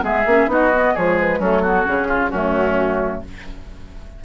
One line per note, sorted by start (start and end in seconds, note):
0.00 0.25 G#3
0.00 0.23 B3
0.00 0.49 G#4
0.00 0.51 E5
0.25 0.47 A#3
0.25 0.47 C#4
0.47 0.92 B3
0.47 0.70 D#4
0.47 0.94 F#4
0.47 0.96 D#5
0.74 0.96 B3
0.94 1.39 F3
0.94 1.42 G#3
0.94 1.39 G#4
0.94 1.19 C#5
1.20 1.42 B4
1.39 1.85 F#3
1.39 1.64 A3
1.39 1.62 C#4
1.39 1.87 A4
1.62 1.85 B3
1.62 2.07 F#4
1.85 2.32 C#3
1.85 2.31 C#4
1.85 2.30 G#4
2.08 2.30 F4
2.30 3.23 F#2
2.30 3.24 A3
2.30 3.21 C#4
2.30 3.21 F#4